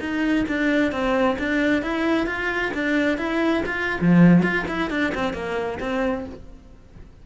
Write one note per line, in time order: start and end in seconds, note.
0.00 0.45 D#4
0.48 0.92 D4
0.92 1.37 C4
1.38 1.82 D4
1.82 2.26 E4
2.26 2.72 F4
2.74 3.18 D4
3.18 3.63 E4
3.65 4.00 F4
4.01 4.43 F3
4.43 4.65 F4
4.68 4.90 E4
4.90 5.13 D4
5.14 5.33 C4
5.33 5.79 A#3
5.80 6.25 C4